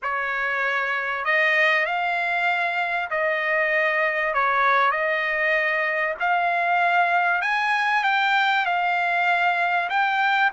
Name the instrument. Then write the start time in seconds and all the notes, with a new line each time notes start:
trumpet
0.02 C#5
1.25 D#5
1.85 F5
3.10 D#5
4.34 C#5
4.91 D#5
6.20 F5
7.41 G#5
8.03 G5
8.65 F5
9.89 G5